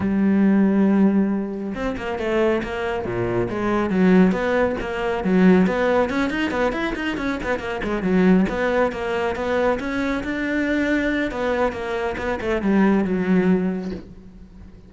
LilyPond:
\new Staff \with { instrumentName = "cello" } { \time 4/4 \tempo 4 = 138 g1 | c'8 ais8 a4 ais4 ais,4 | gis4 fis4 b4 ais4 | fis4 b4 cis'8 dis'8 b8 e'8 |
dis'8 cis'8 b8 ais8 gis8 fis4 b8~ | b8 ais4 b4 cis'4 d'8~ | d'2 b4 ais4 | b8 a8 g4 fis2 | }